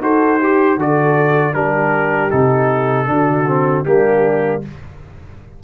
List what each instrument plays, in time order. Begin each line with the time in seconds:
0.00 tuba D#4, trombone F#4, horn A4, trumpet C5
0.39 horn G4, trombone G4
0.77 tuba D3, trombone F#4, horn A4, trumpet D5
1.53 tuba G3, trombone D4, horn G4, trumpet A#4
2.30 tuba C3, trombone D#4, trumpet A4
3.06 tuba D3, trombone D4, horn F#4
3.47 trombone C4
3.85 tuba G3, trombone A#3, horn D4, trumpet G4